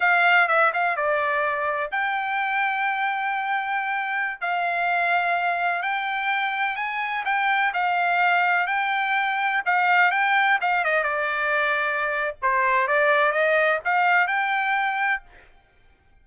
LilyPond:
\new Staff \with { instrumentName = "trumpet" } { \time 4/4 \tempo 4 = 126 f''4 e''8 f''8 d''2 | g''1~ | g''4~ g''16 f''2~ f''8.~ | f''16 g''2 gis''4 g''8.~ |
g''16 f''2 g''4.~ g''16~ | g''16 f''4 g''4 f''8 dis''8 d''8.~ | d''2 c''4 d''4 | dis''4 f''4 g''2 | }